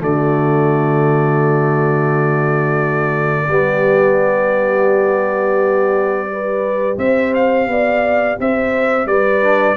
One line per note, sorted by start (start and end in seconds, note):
0.00 3.48 D3
0.00 3.49 A3
0.00 3.50 F#4
0.00 6.99 D5
3.48 6.97 G3
3.48 6.28 B3
3.48 6.31 G4
6.28 9.42 G4
6.28 6.99 B4
6.98 7.68 C4
6.98 7.68 C5
6.98 7.34 E5
7.34 8.39 F5
7.68 8.37 B3
7.68 8.40 D5
8.40 9.06 C4
8.40 9.08 C5
8.40 9.07 E5
9.06 9.75 G3
9.06 9.77 B4
9.06 9.77 D5
9.42 9.76 D4